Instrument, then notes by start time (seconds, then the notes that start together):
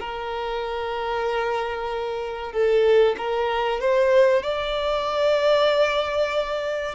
violin
0.00 A#4
2.53 A4
3.18 A#4
3.81 C5
4.43 D5